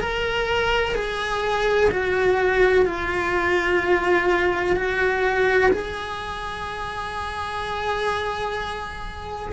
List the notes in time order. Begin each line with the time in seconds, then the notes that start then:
0.00 A#4
0.95 G#4
1.90 F#4
2.86 F4
4.76 F#4
5.71 G#4